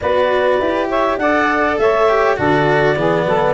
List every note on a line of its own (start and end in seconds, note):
0.00 0.59 B3
0.00 0.62 F#4
0.00 0.88 B4
0.00 0.89 D5
0.59 1.17 E4
0.59 1.20 G4
0.88 1.18 C#5
0.88 1.18 E5
1.17 1.77 D4
1.17 2.08 A4
1.17 1.80 D5
1.17 1.77 F#5
1.78 2.38 A3
1.78 2.37 C#5
1.78 2.37 E5
2.08 2.36 G4
2.36 2.96 D3
2.36 2.96 F#4
2.36 2.96 A4
2.36 3.53 D5
2.96 3.25 E3
2.96 3.53 B3
2.96 3.26 G#4
3.25 3.53 F#3
3.25 3.53 A4